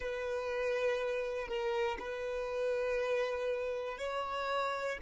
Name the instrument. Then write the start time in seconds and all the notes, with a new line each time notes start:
violin
0.00 B4
1.47 A#4
1.99 B4
3.98 C#5